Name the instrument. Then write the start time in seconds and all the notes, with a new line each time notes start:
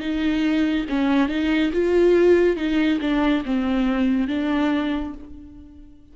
viola
0.00 D#4
0.90 C#4
1.29 D#4
1.73 F4
2.56 D#4
3.01 D4
3.45 C4
4.28 D4